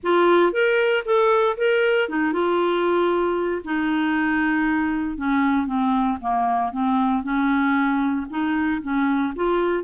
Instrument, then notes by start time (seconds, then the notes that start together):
clarinet
0.03 F4
0.52 A#4
1.05 A4
1.57 A#4
2.08 D#4
2.32 F4
3.64 D#4
5.17 C#4
5.66 C4
6.20 A#3
6.72 C4
7.23 C#4
8.29 D#4
8.81 C#4
9.35 F4